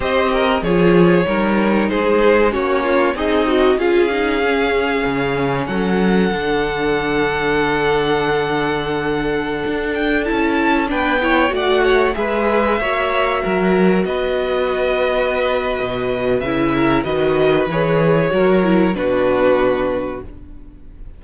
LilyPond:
<<
  \new Staff \with { instrumentName = "violin" } { \time 4/4 \tempo 4 = 95 dis''4 cis''2 c''4 | cis''4 dis''4 f''2~ | f''4 fis''2.~ | fis''2.~ fis''8. g''16~ |
g''16 a''4 g''4 fis''4 e''8.~ | e''2~ e''16 dis''4.~ dis''16~ | dis''2 e''4 dis''4 | cis''2 b'2 | }
  \new Staff \with { instrumentName = "violin" } { \time 4/4 c''8 ais'8 gis'4 ais'4 gis'4 | fis'8 f'8 dis'4 gis'2~ | gis'4 a'2.~ | a'1~ |
a'4~ a'16 b'8 cis''8 d''8 cis''8 b'8.~ | b'16 cis''4 ais'4 b'4.~ b'16~ | b'2~ b'8 ais'8 b'4~ | b'4 ais'4 fis'2 | }
  \new Staff \with { instrumentName = "viola" } { \time 4/4 g'4 f'4 dis'2 | cis'4 gis'8 fis'8 f'8 dis'8 cis'4~ | cis'2 d'2~ | d'1~ |
d'16 e'4 d'8 e'8 fis'4 gis'8.~ | gis'16 fis'2.~ fis'8.~ | fis'2 e'4 fis'4 | gis'4 fis'8 e'8 d'2 | }
  \new Staff \with { instrumentName = "cello" } { \time 4/4 c'4 f4 g4 gis4 | ais4 c'4 cis'2 | cis4 fis4 d2~ | d2.~ d16 d'8.~ |
d'16 cis'4 b4 a4 gis8.~ | gis16 ais4 fis4 b4.~ b16~ | b4 b,4 cis4 dis4 | e4 fis4 b,2 | }
>>